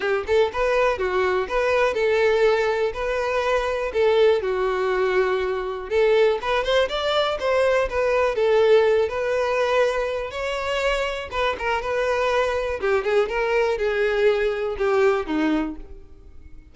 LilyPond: \new Staff \with { instrumentName = "violin" } { \time 4/4 \tempo 4 = 122 g'8 a'8 b'4 fis'4 b'4 | a'2 b'2 | a'4 fis'2. | a'4 b'8 c''8 d''4 c''4 |
b'4 a'4. b'4.~ | b'4 cis''2 b'8 ais'8 | b'2 g'8 gis'8 ais'4 | gis'2 g'4 dis'4 | }